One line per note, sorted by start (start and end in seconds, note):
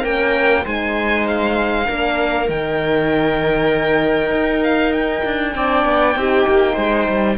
0.00 0.65 A#3
0.00 0.63 C#4
0.00 0.61 A#4
0.00 0.65 G5
0.63 1.88 G#3
0.63 1.86 D#4
0.63 1.86 C5
0.63 1.27 G#5
1.27 2.49 F5
1.86 2.49 A#3
1.86 2.47 D4
1.86 5.54 A#4
2.47 4.30 D#3
2.47 5.53 D#4
2.47 4.64 G5
4.30 5.22 D#4
4.64 4.93 F5
4.93 7.38 G5
5.25 5.55 D4
5.54 5.85 C4
5.54 6.15 D4
5.54 6.18 D5
5.85 6.15 B3
6.15 6.46 C4
6.15 7.37 D#4
6.15 6.74 G4
6.47 6.77 A#3
6.74 7.08 G#3
6.74 7.35 C5
7.08 7.38 G3